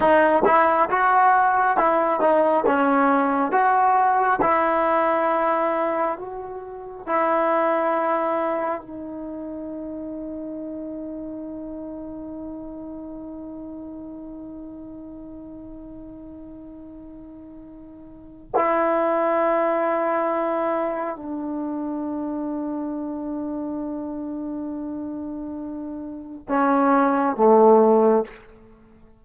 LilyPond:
\new Staff \with { instrumentName = "trombone" } { \time 4/4 \tempo 4 = 68 dis'8 e'8 fis'4 e'8 dis'8 cis'4 | fis'4 e'2 fis'4 | e'2 dis'2~ | dis'1~ |
dis'1~ | dis'4 e'2. | d'1~ | d'2 cis'4 a4 | }